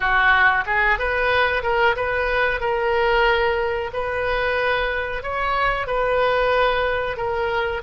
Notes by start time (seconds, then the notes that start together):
0.00 F#4
0.66 G#4
0.98 B4
1.62 A#4
1.96 B4
2.60 A#4
3.93 B4
5.22 C#5
5.86 B4
7.17 A#4